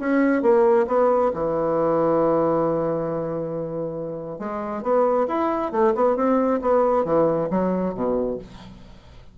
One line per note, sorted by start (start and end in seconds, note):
0.00 0.42 C#4
0.42 0.86 A#3
0.87 1.32 B3
1.34 4.39 E3
4.39 4.83 G#3
4.83 5.27 B3
5.28 5.72 E4
5.72 5.94 A3
5.95 6.16 B3
6.16 6.60 C4
6.62 7.05 B3
7.05 7.49 E3
7.51 7.95 F#3
7.95 8.39 B2